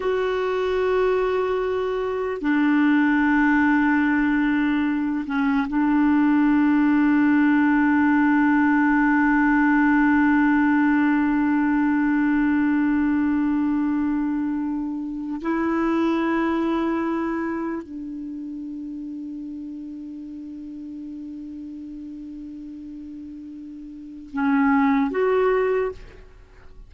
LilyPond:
\new Staff \with { instrumentName = "clarinet" } { \time 4/4 \tempo 4 = 74 fis'2. d'4~ | d'2~ d'8 cis'8 d'4~ | d'1~ | d'1~ |
d'2. e'4~ | e'2 d'2~ | d'1~ | d'2 cis'4 fis'4 | }